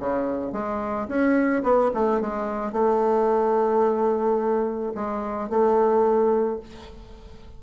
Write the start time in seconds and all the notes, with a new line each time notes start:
0.00 C#3
0.53 G#3
1.08 C#4
1.64 B3
1.95 A3
2.21 G#3
2.73 A3
4.95 G#3
5.50 A3